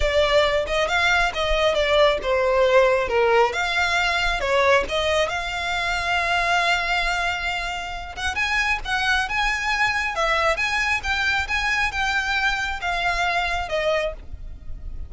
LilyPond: \new Staff \with { instrumentName = "violin" } { \time 4/4 \tempo 4 = 136 d''4. dis''8 f''4 dis''4 | d''4 c''2 ais'4 | f''2 cis''4 dis''4 | f''1~ |
f''2~ f''8 fis''8 gis''4 | fis''4 gis''2 e''4 | gis''4 g''4 gis''4 g''4~ | g''4 f''2 dis''4 | }